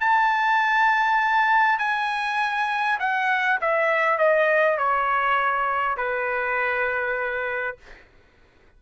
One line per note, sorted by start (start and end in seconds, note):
0.00 1.79 A5
1.79 2.99 G#5
2.99 3.59 F#5
3.61 4.18 E5
4.18 4.78 D#5
4.78 5.97 C#5
5.97 7.77 B4